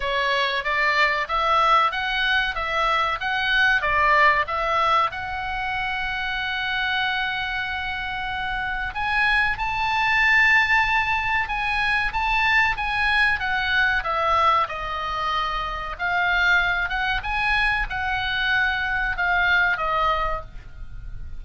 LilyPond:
\new Staff \with { instrumentName = "oboe" } { \time 4/4 \tempo 4 = 94 cis''4 d''4 e''4 fis''4 | e''4 fis''4 d''4 e''4 | fis''1~ | fis''2 gis''4 a''4~ |
a''2 gis''4 a''4 | gis''4 fis''4 e''4 dis''4~ | dis''4 f''4. fis''8 gis''4 | fis''2 f''4 dis''4 | }